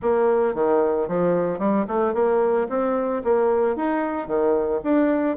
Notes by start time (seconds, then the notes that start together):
0.02 A#3
0.54 D#3
1.08 F3
1.59 G3
1.87 A3
2.14 A#3
2.69 C4
3.24 A#3
3.75 D#4
4.27 D#3
4.83 D4